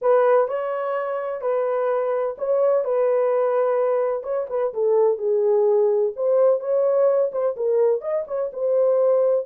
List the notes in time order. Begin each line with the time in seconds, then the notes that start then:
0.01 B4
0.48 C#5
1.41 B4
2.38 C#5
2.84 B4
4.23 C#5
4.49 B4
4.73 A4
5.18 G#4
6.16 C5
6.59 C#5
7.32 C5
7.56 A#4
8.01 D#5
8.27 C#5
8.52 C5